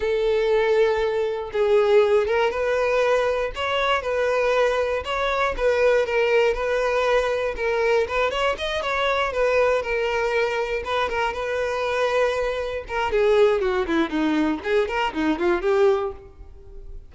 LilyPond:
\new Staff \with { instrumentName = "violin" } { \time 4/4 \tempo 4 = 119 a'2. gis'4~ | gis'8 ais'8 b'2 cis''4 | b'2 cis''4 b'4 | ais'4 b'2 ais'4 |
b'8 cis''8 dis''8 cis''4 b'4 ais'8~ | ais'4. b'8 ais'8 b'4.~ | b'4. ais'8 gis'4 fis'8 e'8 | dis'4 gis'8 ais'8 dis'8 f'8 g'4 | }